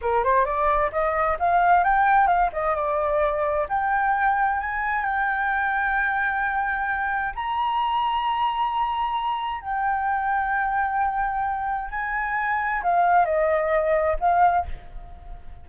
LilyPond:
\new Staff \with { instrumentName = "flute" } { \time 4/4 \tempo 4 = 131 ais'8 c''8 d''4 dis''4 f''4 | g''4 f''8 dis''8 d''2 | g''2 gis''4 g''4~ | g''1 |
ais''1~ | ais''4 g''2.~ | g''2 gis''2 | f''4 dis''2 f''4 | }